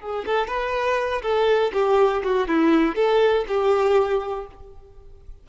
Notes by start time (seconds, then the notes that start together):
0.00 G#4
0.26 A4
0.47 B4
1.22 A4
1.72 G4
2.23 F#4
2.47 E4
2.95 A4
3.48 G4